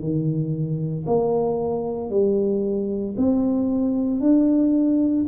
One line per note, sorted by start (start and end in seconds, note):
0.00 1.05 D#3
1.06 2.10 A#3
2.10 3.15 G3
3.17 4.20 C4
4.20 5.25 D4